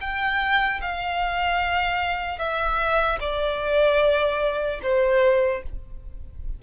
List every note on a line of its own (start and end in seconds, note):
0.00 0.80 G5
0.81 2.39 F5
2.39 3.19 E5
3.20 4.80 D5
4.83 5.63 C5